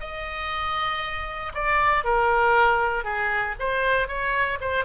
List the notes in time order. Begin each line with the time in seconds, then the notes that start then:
0.00 D#5
1.54 D5
2.04 A#4
3.04 G#4
3.59 C5
4.08 C#5
4.60 C5